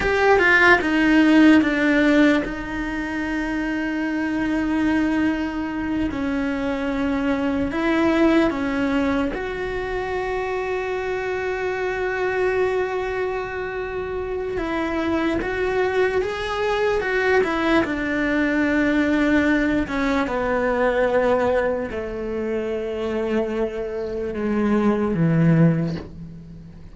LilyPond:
\new Staff \with { instrumentName = "cello" } { \time 4/4 \tempo 4 = 74 g'8 f'8 dis'4 d'4 dis'4~ | dis'2.~ dis'8 cis'8~ | cis'4. e'4 cis'4 fis'8~ | fis'1~ |
fis'2 e'4 fis'4 | gis'4 fis'8 e'8 d'2~ | d'8 cis'8 b2 a4~ | a2 gis4 e4 | }